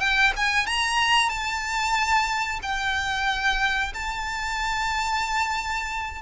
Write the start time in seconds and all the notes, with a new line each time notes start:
0.00 G5
0.36 G#5
0.67 A#5
1.29 A5
2.62 G5
3.94 A5